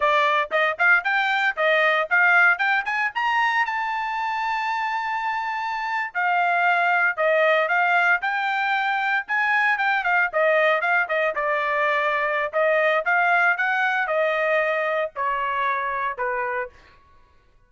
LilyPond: \new Staff \with { instrumentName = "trumpet" } { \time 4/4 \tempo 4 = 115 d''4 dis''8 f''8 g''4 dis''4 | f''4 g''8 gis''8 ais''4 a''4~ | a''2.~ a''8. f''16~ | f''4.~ f''16 dis''4 f''4 g''16~ |
g''4.~ g''16 gis''4 g''8 f''8 dis''16~ | dis''8. f''8 dis''8 d''2~ d''16 | dis''4 f''4 fis''4 dis''4~ | dis''4 cis''2 b'4 | }